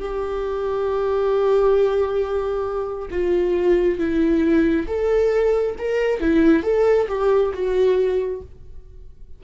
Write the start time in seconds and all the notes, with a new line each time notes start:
0.00 G4
3.10 F4
3.99 E4
4.88 A4
5.78 A#4
6.20 E4
6.63 A4
7.08 G4
7.53 F#4